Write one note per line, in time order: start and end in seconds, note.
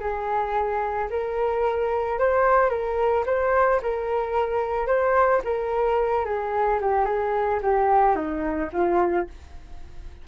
0.00 1.09 G#4
1.10 2.19 A#4
2.19 2.70 C5
2.70 3.24 A#4
3.26 3.81 C5
3.83 4.87 A#4
4.87 5.41 C5
5.44 6.25 A#4
6.25 6.80 G#4
6.81 7.05 G4
7.05 7.60 G#4
7.62 8.15 G4
8.15 8.70 D#4
8.73 9.27 F4